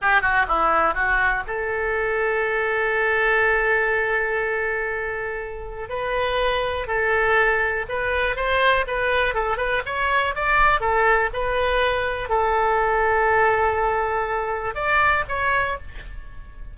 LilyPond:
\new Staff \with { instrumentName = "oboe" } { \time 4/4 \tempo 4 = 122 g'8 fis'8 e'4 fis'4 a'4~ | a'1~ | a'1 | b'2 a'2 |
b'4 c''4 b'4 a'8 b'8 | cis''4 d''4 a'4 b'4~ | b'4 a'2.~ | a'2 d''4 cis''4 | }